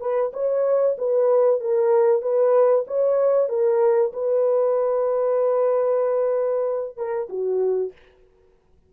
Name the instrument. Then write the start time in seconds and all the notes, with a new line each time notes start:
horn
0.00 B4
0.33 C#5
0.98 B4
1.60 A#4
2.22 B4
2.87 C#5
3.49 A#4
4.13 B4
6.96 A#4
7.29 F#4